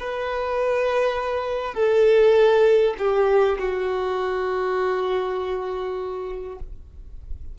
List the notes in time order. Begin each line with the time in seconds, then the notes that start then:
0.00 B4
1.74 A4
2.98 G4
3.58 F#4